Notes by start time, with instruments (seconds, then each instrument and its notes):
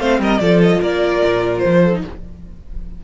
0.00 cello A3, viola C4, violin C5 F5
0.20 cello G3, violin A#4 D#5
0.40 cello F3, viola F4, violin A4 D5
0.63 violin D#5
0.81 cello A#3, violin A#4 D5
1.24 cello A#2
1.59 cello F3, violin C5
1.81 violin A4
1.93 viola D#4